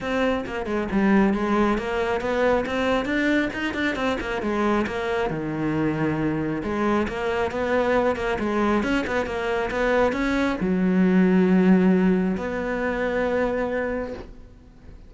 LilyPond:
\new Staff \with { instrumentName = "cello" } { \time 4/4 \tempo 4 = 136 c'4 ais8 gis8 g4 gis4 | ais4 b4 c'4 d'4 | dis'8 d'8 c'8 ais8 gis4 ais4 | dis2. gis4 |
ais4 b4. ais8 gis4 | cis'8 b8 ais4 b4 cis'4 | fis1 | b1 | }